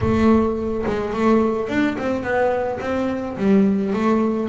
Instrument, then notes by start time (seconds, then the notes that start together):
double bass
0.00 A3
0.86 G#3
1.13 A3
1.68 D4
1.98 C4
2.23 B3
2.80 C4
3.37 G3
3.93 A3